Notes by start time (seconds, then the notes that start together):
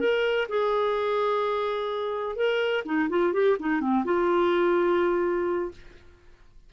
0.00 A#4
0.48 G#4
2.36 A#4
2.85 D#4
3.09 F4
3.33 G4
3.59 D#4
3.81 C4
4.05 F4